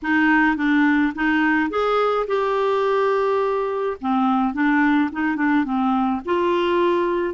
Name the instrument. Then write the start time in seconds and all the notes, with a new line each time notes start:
clarinet
0.02 D#4
0.56 D4
1.15 D#4
1.70 G#4
2.27 G4
4.01 C4
4.53 D4
5.12 D#4
5.36 D4
5.64 C4
6.25 F4